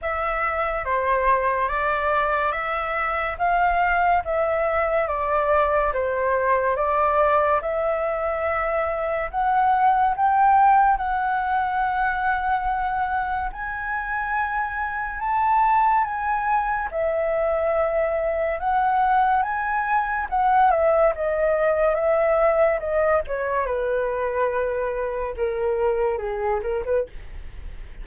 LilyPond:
\new Staff \with { instrumentName = "flute" } { \time 4/4 \tempo 4 = 71 e''4 c''4 d''4 e''4 | f''4 e''4 d''4 c''4 | d''4 e''2 fis''4 | g''4 fis''2. |
gis''2 a''4 gis''4 | e''2 fis''4 gis''4 | fis''8 e''8 dis''4 e''4 dis''8 cis''8 | b'2 ais'4 gis'8 ais'16 b'16 | }